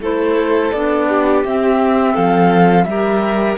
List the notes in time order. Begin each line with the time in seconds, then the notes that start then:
0.00 A3 E4 A4 C5
0.72 B3 D4 D5
1.08 G4
1.45 C4 E5
2.14 F3 A4 F5
2.84 G3 G4 E5
2.90 A#4